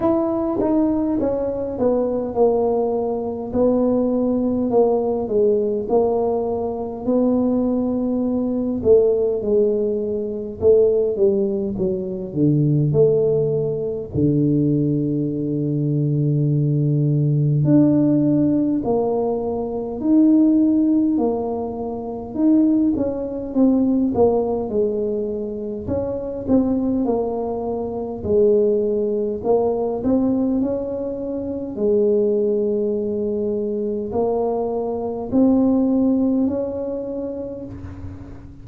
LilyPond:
\new Staff \with { instrumentName = "tuba" } { \time 4/4 \tempo 4 = 51 e'8 dis'8 cis'8 b8 ais4 b4 | ais8 gis8 ais4 b4. a8 | gis4 a8 g8 fis8 d8 a4 | d2. d'4 |
ais4 dis'4 ais4 dis'8 cis'8 | c'8 ais8 gis4 cis'8 c'8 ais4 | gis4 ais8 c'8 cis'4 gis4~ | gis4 ais4 c'4 cis'4 | }